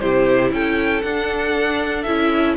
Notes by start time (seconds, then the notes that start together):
0.00 C3 E4 G4 C5
0.52 C#4 A4 G5
1.02 D4 F#5
2.03 C#4 E4 E5